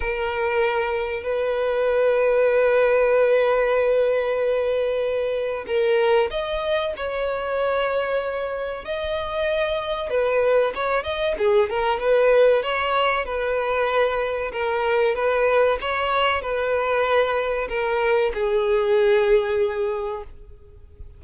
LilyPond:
\new Staff \with { instrumentName = "violin" } { \time 4/4 \tempo 4 = 95 ais'2 b'2~ | b'1~ | b'4 ais'4 dis''4 cis''4~ | cis''2 dis''2 |
b'4 cis''8 dis''8 gis'8 ais'8 b'4 | cis''4 b'2 ais'4 | b'4 cis''4 b'2 | ais'4 gis'2. | }